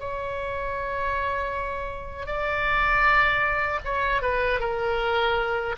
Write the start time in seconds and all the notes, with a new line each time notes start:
0.00 C#5
2.26 D5
3.85 C#5
4.22 B4
4.60 A#4